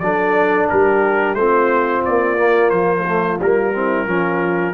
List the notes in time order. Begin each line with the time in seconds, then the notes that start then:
0.00 F#3 D4 A4 D5
0.70 G3 G4 A#4
1.35 A3 C4 F4 C5
2.05 A#3 D5
2.38 A#3
2.70 F3 C5
3.07 A3
3.40 G3 A#3 A#4
3.73 C4 E4
4.06 F3 C#4 F4